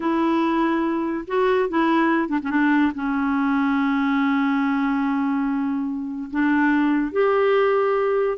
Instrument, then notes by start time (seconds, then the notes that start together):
clarinet
0.00 E4
1.27 F#4
1.69 E4
2.28 D4
2.43 C#4
2.50 D4
2.94 C#4
6.30 D4
7.12 G4